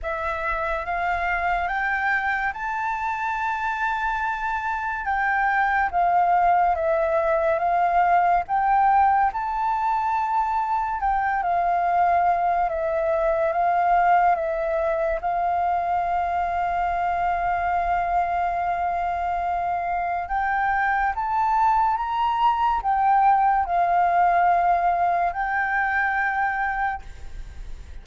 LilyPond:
\new Staff \with { instrumentName = "flute" } { \time 4/4 \tempo 4 = 71 e''4 f''4 g''4 a''4~ | a''2 g''4 f''4 | e''4 f''4 g''4 a''4~ | a''4 g''8 f''4. e''4 |
f''4 e''4 f''2~ | f''1 | g''4 a''4 ais''4 g''4 | f''2 g''2 | }